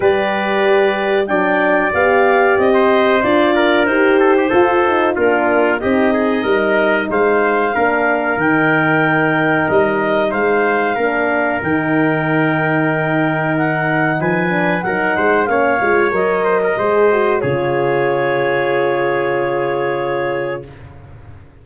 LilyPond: <<
  \new Staff \with { instrumentName = "clarinet" } { \time 4/4 \tempo 4 = 93 d''2 g''4 f''4 | dis''4 d''4 c''2 | ais'4 dis''2 f''4~ | f''4 g''2 dis''4 |
f''2 g''2~ | g''4 fis''4 gis''4 fis''4 | f''4 dis''2 cis''4~ | cis''1 | }
  \new Staff \with { instrumentName = "trumpet" } { \time 4/4 b'2 d''2~ | d''16 c''4~ c''16 ais'4 a'16 g'16 a'4 | f'4 g'8 gis'8 ais'4 c''4 | ais'1 |
c''4 ais'2.~ | ais'2 b'4 ais'8 c''8 | cis''4. c''16 ais'16 c''4 gis'4~ | gis'1 | }
  \new Staff \with { instrumentName = "horn" } { \time 4/4 g'2 d'4 g'4~ | g'4 f'4 g'4 f'8 dis'8 | d'4 dis'2. | d'4 dis'2.~ |
dis'4 d'4 dis'2~ | dis'2~ dis'8 d'8 dis'4 | cis'8 f'8 ais'4 gis'8 fis'8 f'4~ | f'1 | }
  \new Staff \with { instrumentName = "tuba" } { \time 4/4 g2 fis4 b4 | c'4 d'4 dis'4 f'4 | ais4 c'4 g4 gis4 | ais4 dis2 g4 |
gis4 ais4 dis2~ | dis2 f4 fis8 gis8 | ais8 gis8 fis4 gis4 cis4~ | cis1 | }
>>